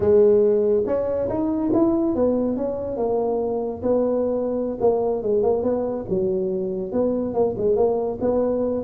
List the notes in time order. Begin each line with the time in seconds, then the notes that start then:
0.00 G#3
0.86 C#4
1.29 D#4
1.73 E4
2.15 B3
2.56 C#4
2.97 A#3
3.82 B3
4.80 A#3
5.22 G#3
5.43 A#3
5.63 B3
6.09 F#3
6.91 B3
7.33 A#3
7.57 G#3
7.75 A#3
8.20 B3